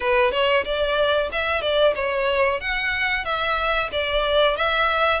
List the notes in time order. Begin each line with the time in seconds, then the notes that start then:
0.00 B4
0.31 C#5
0.64 D5
1.32 E5
1.61 D5
1.95 C#5
2.60 F#5
3.24 E5
3.92 D5
4.57 E5